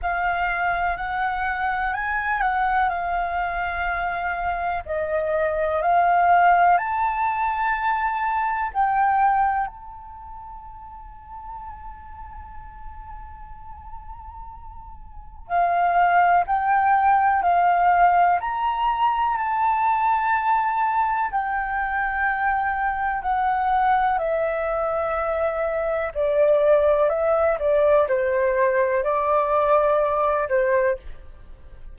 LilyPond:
\new Staff \with { instrumentName = "flute" } { \time 4/4 \tempo 4 = 62 f''4 fis''4 gis''8 fis''8 f''4~ | f''4 dis''4 f''4 a''4~ | a''4 g''4 a''2~ | a''1 |
f''4 g''4 f''4 ais''4 | a''2 g''2 | fis''4 e''2 d''4 | e''8 d''8 c''4 d''4. c''8 | }